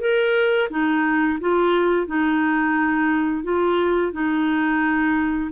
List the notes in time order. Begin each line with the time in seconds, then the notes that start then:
0.00 A#4
0.70 D#4
1.40 F4
2.07 D#4
3.44 F4
4.13 D#4